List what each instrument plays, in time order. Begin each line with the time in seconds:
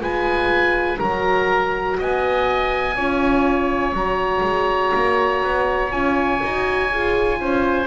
0.00 double bass G#3, horn F4, oboe B4 G#5
0.99 double bass F#3, horn F#4, oboe A#4 A#5
1.99 double bass B3, oboe D#5 G#5
2.95 double bass C#4, horn F4, oboe C#5
3.92 double bass F#3, horn F#4, oboe A#5
4.43 double bass G#3
4.94 double bass A#3
5.42 double bass B3
5.91 double bass C#4, horn F4, oboe G#5
6.42 double bass D#4, horn F#4
6.92 double bass F4, horn G#4
7.36 double bass C#4, horn F4, oboe C5